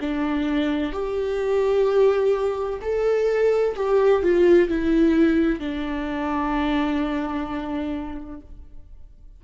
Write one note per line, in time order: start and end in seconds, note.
0.00 0.92 D4
0.92 2.80 G4
2.81 3.75 A4
3.76 4.22 G4
4.22 4.68 F4
4.68 5.59 E4
5.59 8.40 D4